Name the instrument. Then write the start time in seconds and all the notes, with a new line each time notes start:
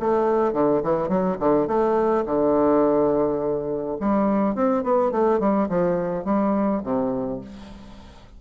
bassoon
0.00 A3
0.53 D3
0.83 E3
1.09 F#3
1.39 D3
1.67 A3
2.26 D3
4.00 G3
4.55 C4
4.84 B3
5.11 A3
5.40 G3
5.69 F3
6.25 G3
6.83 C3